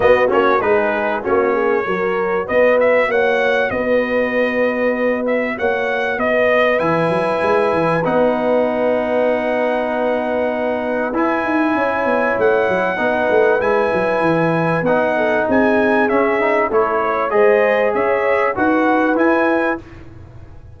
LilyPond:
<<
  \new Staff \with { instrumentName = "trumpet" } { \time 4/4 \tempo 4 = 97 dis''8 cis''8 b'4 cis''2 | dis''8 e''8 fis''4 dis''2~ | dis''8 e''8 fis''4 dis''4 gis''4~ | gis''4 fis''2.~ |
fis''2 gis''2 | fis''2 gis''2 | fis''4 gis''4 e''4 cis''4 | dis''4 e''4 fis''4 gis''4 | }
  \new Staff \with { instrumentName = "horn" } { \time 4/4 fis'4 gis'4 fis'8 gis'8 ais'4 | b'4 cis''4 b'2~ | b'4 cis''4 b'2~ | b'1~ |
b'2. cis''4~ | cis''4 b'2.~ | b'8 a'8 gis'2 a'8 cis''8 | c''4 cis''4 b'2 | }
  \new Staff \with { instrumentName = "trombone" } { \time 4/4 b8 cis'8 dis'4 cis'4 fis'4~ | fis'1~ | fis'2. e'4~ | e'4 dis'2.~ |
dis'2 e'2~ | e'4 dis'4 e'2 | dis'2 cis'8 dis'8 e'4 | gis'2 fis'4 e'4 | }
  \new Staff \with { instrumentName = "tuba" } { \time 4/4 b8 ais8 gis4 ais4 fis4 | b4 ais4 b2~ | b4 ais4 b4 e8 fis8 | gis8 e8 b2.~ |
b2 e'8 dis'8 cis'8 b8 | a8 fis8 b8 a8 gis8 fis8 e4 | b4 c'4 cis'4 a4 | gis4 cis'4 dis'4 e'4 | }
>>